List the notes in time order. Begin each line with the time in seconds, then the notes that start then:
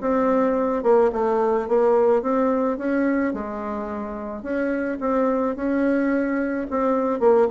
0.00 C4
0.83 A#3
1.12 A3
1.68 A#3
2.22 C4
2.78 C#4
3.33 G#3
4.42 C#4
5.00 C4
5.56 C#4
6.70 C4
7.19 A#3